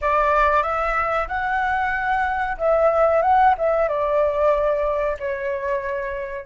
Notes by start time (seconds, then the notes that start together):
0.01 D5
0.62 E5
1.28 F#5
2.57 E5
3.22 F#5
3.57 E5
3.88 D5
5.19 C#5